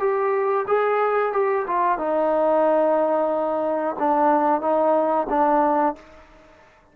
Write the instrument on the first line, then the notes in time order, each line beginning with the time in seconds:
trombone
0.00 G4
0.67 G#4
1.32 G4
1.67 F4
1.98 D#4
3.99 D4
4.61 D#4
5.29 D4